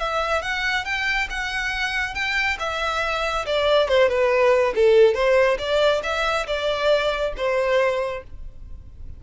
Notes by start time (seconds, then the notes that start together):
0.00 E5
0.42 F#5
0.85 G5
1.31 F#5
2.15 G5
2.60 E5
3.46 D5
3.89 C5
4.09 B4
4.76 A4
5.15 C5
5.59 D5
6.04 E5
6.47 D5
7.37 C5